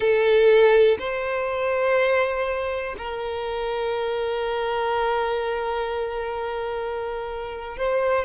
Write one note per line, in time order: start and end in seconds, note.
0.00 0.97 A4
0.99 2.95 C5
2.98 7.77 A#4
7.77 8.25 C5